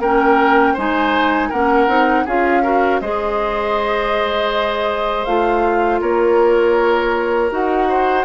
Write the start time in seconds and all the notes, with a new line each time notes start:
0.00 A#3 C#4 A#4 G5
0.74 G#3 D#4 C5 G#5
1.50 A#3 C#4 A#4 F#5
1.88 C4 D#4
2.25 C#4 F4 G#4 F5
2.63 F#4 A#4
3.01 G#3 G#4 C5 D#5
5.25 A3 F4 F5
6.01 A#3 A#4 C#5
7.51 D#4 F#4 F#5
7.89 C5